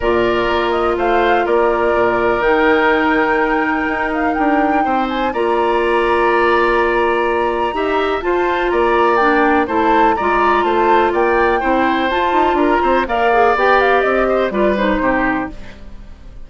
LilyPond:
<<
  \new Staff \with { instrumentName = "flute" } { \time 4/4 \tempo 4 = 124 d''4. dis''8 f''4 d''4~ | d''4 g''2.~ | g''8 f''8 g''4. gis''8 ais''4~ | ais''1~ |
ais''4 a''4 ais''4 g''4 | a''4 ais''4 a''4 g''4~ | g''4 a''4 ais''4 f''4 | g''8 f''8 dis''4 d''8 c''4. | }
  \new Staff \with { instrumentName = "oboe" } { \time 4/4 ais'2 c''4 ais'4~ | ais'1~ | ais'2 c''4 d''4~ | d''1 |
e''4 c''4 d''2 | c''4 d''4 c''4 d''4 | c''2 ais'8 c''8 d''4~ | d''4. c''8 b'4 g'4 | }
  \new Staff \with { instrumentName = "clarinet" } { \time 4/4 f'1~ | f'4 dis'2.~ | dis'2. f'4~ | f'1 |
g'4 f'2 d'4 | e'4 f'2. | e'4 f'2 ais'8 gis'8 | g'2 f'8 dis'4. | }
  \new Staff \with { instrumentName = "bassoon" } { \time 4/4 ais,4 ais4 a4 ais4 | ais,4 dis2. | dis'4 d'4 c'4 ais4~ | ais1 |
dis'4 f'4 ais2 | a4 gis4 a4 ais4 | c'4 f'8 dis'8 d'8 c'8 ais4 | b4 c'4 g4 c4 | }
>>